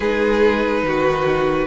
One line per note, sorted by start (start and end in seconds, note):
0.00 0.83 G#3
0.00 1.67 D#4
0.00 0.82 G#4
0.00 1.67 B4
0.83 1.67 D#3
0.83 1.67 F#4